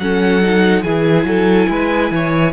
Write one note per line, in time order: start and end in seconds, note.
0.00 0.85 F#3
0.00 0.43 C#4
0.00 0.85 A4
0.00 0.83 F#5
0.43 0.85 D#4
0.83 1.24 E3
0.83 2.53 E4
0.83 1.27 G#4
0.83 2.52 G#5
1.24 1.67 F#3
1.24 1.70 A4
1.70 2.11 G#3
1.70 2.12 B4
2.11 2.53 E3
2.11 2.53 C#5